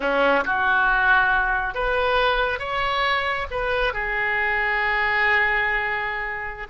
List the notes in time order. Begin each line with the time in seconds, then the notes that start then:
0.00 C#4
0.44 F#4
1.74 B4
2.59 C#5
3.50 B4
3.93 G#4